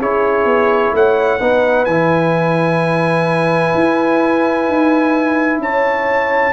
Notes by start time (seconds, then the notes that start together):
0.00 C#4 E4 G#4 C#5
0.45 B3
0.92 A3 C#5 F#5
1.39 B3 D#4 B4
1.85 E3 E4 G#5
3.74 E4
4.68 D#4
5.58 C#4 C#5 A5